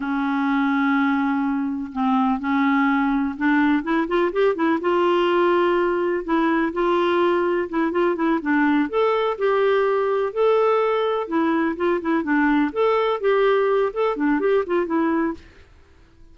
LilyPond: \new Staff \with { instrumentName = "clarinet" } { \time 4/4 \tempo 4 = 125 cis'1 | c'4 cis'2 d'4 | e'8 f'8 g'8 e'8 f'2~ | f'4 e'4 f'2 |
e'8 f'8 e'8 d'4 a'4 g'8~ | g'4. a'2 e'8~ | e'8 f'8 e'8 d'4 a'4 g'8~ | g'4 a'8 d'8 g'8 f'8 e'4 | }